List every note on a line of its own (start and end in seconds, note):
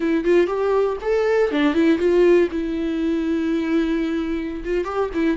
0.00 0.24 E4
0.24 0.46 F4
0.46 0.96 G4
1.01 1.51 A4
1.51 1.74 D4
1.74 1.98 E4
1.98 2.48 F4
2.51 4.63 E4
4.64 4.84 F4
4.84 5.09 G4
5.14 5.37 E4